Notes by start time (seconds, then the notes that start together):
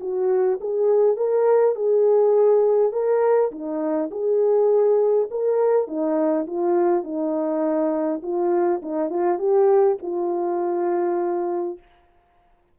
0.00 F#4
0.60 G#4
1.16 A#4
1.75 G#4
2.92 A#4
3.51 D#4
4.11 G#4
5.30 A#4
5.87 D#4
6.46 F4
7.03 D#4
8.22 F4
8.82 D#4
9.10 F4
9.38 G4
10.02 F4